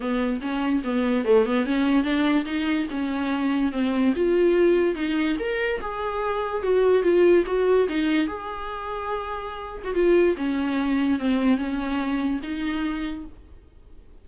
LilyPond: \new Staff \with { instrumentName = "viola" } { \time 4/4 \tempo 4 = 145 b4 cis'4 b4 a8 b8 | cis'4 d'4 dis'4 cis'4~ | cis'4 c'4 f'2 | dis'4 ais'4 gis'2 |
fis'4 f'4 fis'4 dis'4 | gis'2.~ gis'8. fis'16 | f'4 cis'2 c'4 | cis'2 dis'2 | }